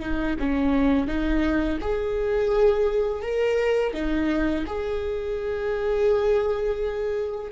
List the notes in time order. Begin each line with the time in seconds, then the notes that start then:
0.00 D#4
0.40 C#4
1.08 D#4
1.81 G#4
3.23 A#4
3.94 D#4
4.67 G#4